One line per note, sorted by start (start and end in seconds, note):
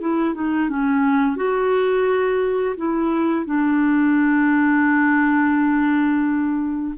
0.00 0.34 E4
0.34 0.69 D#4
0.69 1.36 C#4
1.36 2.75 F#4
2.77 3.45 E4
3.45 6.94 D4